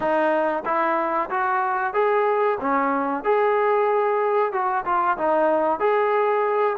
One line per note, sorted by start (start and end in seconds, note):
0.00 0.63 D#4
0.65 1.29 E4
1.29 1.93 F#4
1.93 2.58 G#4
2.60 3.24 C#4
3.24 4.52 G#4
4.52 4.84 F#4
4.85 5.17 F4
5.17 5.79 D#4
5.79 6.76 G#4